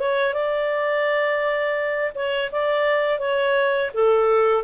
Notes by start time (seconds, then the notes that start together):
0.00 C#5
0.34 D5
2.15 C#5
2.52 D5
3.19 C#5
3.94 A4